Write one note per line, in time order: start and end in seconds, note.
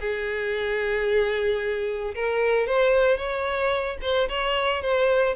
0.00 2.14 G#4
2.15 2.67 A#4
2.67 3.17 C5
3.17 3.97 C#5
4.02 4.28 C5
4.29 4.82 C#5
4.82 5.35 C5